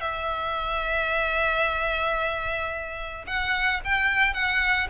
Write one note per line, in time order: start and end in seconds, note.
0.00 3.24 E5
3.27 3.81 F#5
3.84 4.33 G5
4.33 4.87 F#5